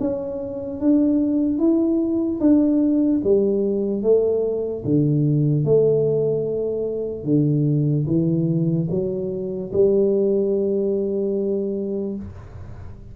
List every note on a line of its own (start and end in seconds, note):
0.00 0.81 C#4
0.81 1.59 D4
1.59 2.40 E4
2.40 3.21 D4
3.24 4.03 G3
4.03 4.84 A3
4.85 5.65 D3
5.65 7.25 A3
7.25 8.06 D3
8.07 8.88 E3
8.90 9.71 F#3
9.73 12.16 G3